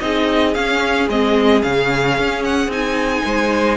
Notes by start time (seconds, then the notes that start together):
0.00 C4 D#4 G#4 D#5
0.54 C#4 F5
1.09 G#3 C4 D#5
1.61 C#3 C#4 F5
2.18 C#4
2.44 F#5
2.68 C4 D#4 G#5
3.25 G#3 C5